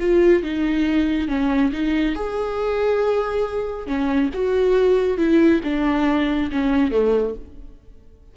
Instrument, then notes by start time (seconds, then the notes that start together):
viola
0.00 F4
0.43 D#4
1.29 C#4
1.73 D#4
2.16 G#4
3.87 C#4
4.34 F#4
5.18 E4
5.64 D4
6.52 C#4
6.92 A3